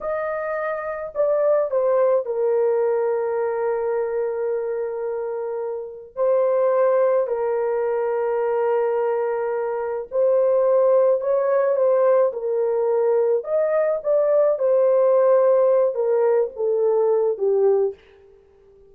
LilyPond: \new Staff \with { instrumentName = "horn" } { \time 4/4 \tempo 4 = 107 dis''2 d''4 c''4 | ais'1~ | ais'2. c''4~ | c''4 ais'2.~ |
ais'2 c''2 | cis''4 c''4 ais'2 | dis''4 d''4 c''2~ | c''8 ais'4 a'4. g'4 | }